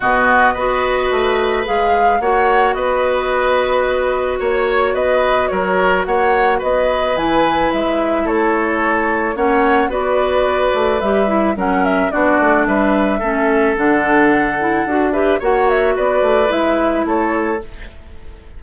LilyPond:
<<
  \new Staff \with { instrumentName = "flute" } { \time 4/4 \tempo 4 = 109 dis''2. f''4 | fis''4 dis''2. | cis''4 dis''4 cis''4 fis''4 | dis''4 gis''4 e''4 cis''4~ |
cis''4 fis''4 d''2 | e''4 fis''8 e''8 d''4 e''4~ | e''4 fis''2~ fis''8 e''8 | fis''8 e''8 d''4 e''4 cis''4 | }
  \new Staff \with { instrumentName = "oboe" } { \time 4/4 fis'4 b'2. | cis''4 b'2. | cis''4 b'4 ais'4 cis''4 | b'2. a'4~ |
a'4 cis''4 b'2~ | b'4 ais'4 fis'4 b'4 | a'2.~ a'8 b'8 | cis''4 b'2 a'4 | }
  \new Staff \with { instrumentName = "clarinet" } { \time 4/4 b4 fis'2 gis'4 | fis'1~ | fis'1~ | fis'4 e'2.~ |
e'4 cis'4 fis'2 | g'8 e'8 cis'4 d'2 | cis'4 d'4. e'8 fis'8 g'8 | fis'2 e'2 | }
  \new Staff \with { instrumentName = "bassoon" } { \time 4/4 b,4 b4 a4 gis4 | ais4 b2. | ais4 b4 fis4 ais4 | b4 e4 gis4 a4~ |
a4 ais4 b4. a8 | g4 fis4 b8 a8 g4 | a4 d2 d'4 | ais4 b8 a8 gis4 a4 | }
>>